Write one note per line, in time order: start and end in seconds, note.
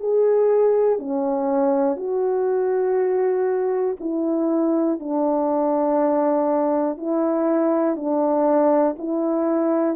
0.00 0.98 G#4
0.98 1.96 C#4
1.96 3.96 F#4
4.00 5.00 E4
5.00 6.97 D4
6.97 7.96 E4
7.96 8.96 D4
8.98 9.96 E4